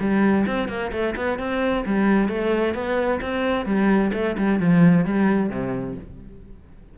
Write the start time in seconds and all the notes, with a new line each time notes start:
0.00 G3
0.47 C4
0.68 A#3
0.92 A3
1.16 B3
1.39 C4
1.86 G3
2.29 A3
2.74 B3
3.21 C4
3.66 G3
4.13 A3
4.37 G3
4.60 F3
5.05 G3
5.49 C3